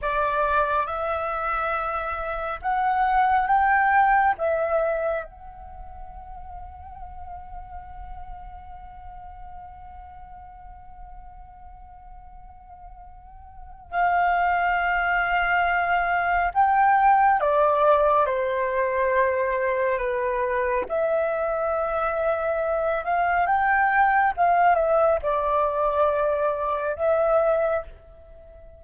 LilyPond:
\new Staff \with { instrumentName = "flute" } { \time 4/4 \tempo 4 = 69 d''4 e''2 fis''4 | g''4 e''4 fis''2~ | fis''1~ | fis''1 |
f''2. g''4 | d''4 c''2 b'4 | e''2~ e''8 f''8 g''4 | f''8 e''8 d''2 e''4 | }